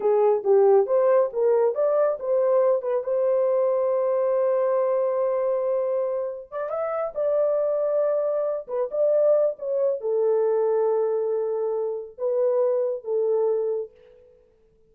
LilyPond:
\new Staff \with { instrumentName = "horn" } { \time 4/4 \tempo 4 = 138 gis'4 g'4 c''4 ais'4 | d''4 c''4. b'8 c''4~ | c''1~ | c''2. d''8 e''8~ |
e''8 d''2.~ d''8 | b'8 d''4. cis''4 a'4~ | a'1 | b'2 a'2 | }